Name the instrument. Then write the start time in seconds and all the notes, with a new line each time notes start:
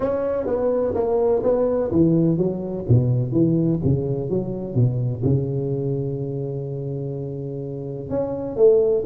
tuba
0.00 C#4
0.46 B3
0.94 A#3
1.43 B3
1.91 E3
2.37 F#3
2.88 B2
3.32 E3
3.84 C#3
4.29 F#3
4.74 B2
5.24 C#3
8.09 C#4
8.56 A3